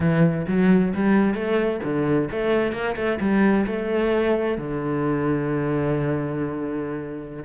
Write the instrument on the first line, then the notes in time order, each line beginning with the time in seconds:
cello
0.00 E3
0.47 F#3
0.94 G3
1.34 A3
1.83 D3
2.31 A3
2.72 A#3
2.95 A3
3.20 G3
3.66 A3
4.57 D3